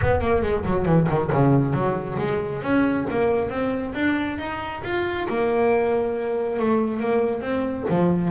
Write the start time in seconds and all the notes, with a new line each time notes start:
0.01 B3
0.20 A#3
0.42 G#3
0.64 F#3
0.85 E3
1.09 D#3
1.32 C#3
1.73 F#3
2.18 G#3
2.62 C#4
3.10 A#3
3.49 C4
3.94 D4
4.38 D#4
4.83 F4
5.29 A#3
6.59 A3
7.00 A#3
7.41 C4
7.89 F3